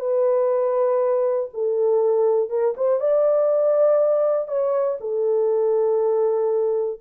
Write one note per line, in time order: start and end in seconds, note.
0.00 1.50 B4
1.54 2.50 A4
2.50 2.75 A#4
2.77 3.00 C5
3.00 4.48 D5
4.48 4.98 C#5
5.01 7.01 A4